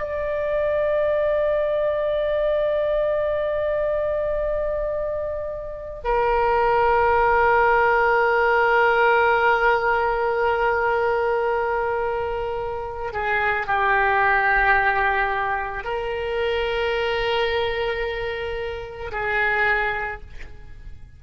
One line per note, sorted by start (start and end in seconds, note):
0.00 6.00 D5
6.04 13.13 A#4
13.13 13.67 G#4
13.67 15.84 G4
15.84 19.11 A#4
19.12 20.21 G#4